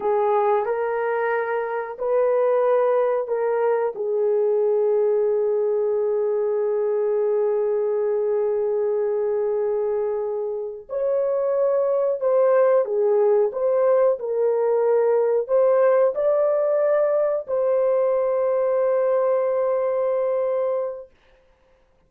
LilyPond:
\new Staff \with { instrumentName = "horn" } { \time 4/4 \tempo 4 = 91 gis'4 ais'2 b'4~ | b'4 ais'4 gis'2~ | gis'1~ | gis'1~ |
gis'8 cis''2 c''4 gis'8~ | gis'8 c''4 ais'2 c''8~ | c''8 d''2 c''4.~ | c''1 | }